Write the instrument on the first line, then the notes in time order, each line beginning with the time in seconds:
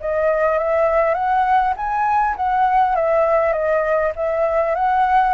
flute
0.00 D#5
0.58 E5
1.14 F#5
1.76 G#5
2.36 F#5
2.95 E5
3.52 D#5
4.16 E5
4.75 F#5